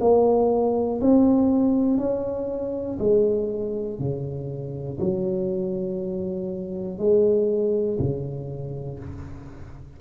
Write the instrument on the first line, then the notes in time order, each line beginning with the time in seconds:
tuba
0.00 A#3
1.01 C4
1.98 C#4
2.99 G#3
4.00 C#3
5.00 F#3
6.98 G#3
7.99 C#3